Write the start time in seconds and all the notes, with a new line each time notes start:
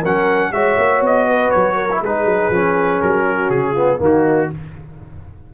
0.00 F#3 C#4 A#4 F#5
0.52 G#3 F#4 C#5 E5
0.78 A#3
1.01 B3 D#5
1.27 B4
1.51 F#3 C#5
1.76 A#4
1.92 E4
2.01 G#3 D#4 G#4 B4
2.25 F#3
2.50 F3 C#4
3.01 F#3 A#4
3.24 F#4
3.49 C#3 G#4
3.72 B3 F4
3.98 D#3 A#3 D#4
4.04 F#4